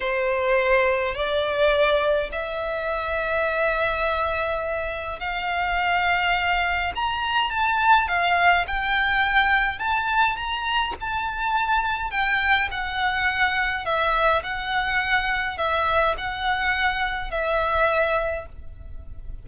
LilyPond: \new Staff \with { instrumentName = "violin" } { \time 4/4 \tempo 4 = 104 c''2 d''2 | e''1~ | e''4 f''2. | ais''4 a''4 f''4 g''4~ |
g''4 a''4 ais''4 a''4~ | a''4 g''4 fis''2 | e''4 fis''2 e''4 | fis''2 e''2 | }